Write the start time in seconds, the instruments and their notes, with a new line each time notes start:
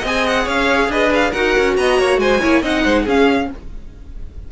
0.00 cello C4, viola G#4, violin D#5
0.07 violin G#5
0.27 violin F#5
0.45 cello C#4, violin C#5 F5
0.89 cello D4, violin B4 D#5
1.14 violin F5
1.31 cello D#4, viola F#4, violin A#4 F#5
1.59 cello C#4
1.77 cello B3, violin D#5 A#5
1.99 cello A#3, violin C#5
2.18 cello G#3, violin C5 G#5
2.41 cello A#3, viola E4, violin C#5
2.62 cello C4, viola D#4, violin D#5 F#5
2.85 cello G#3, violin C5
3.04 cello C#4, viola C#4, violin G#4 F5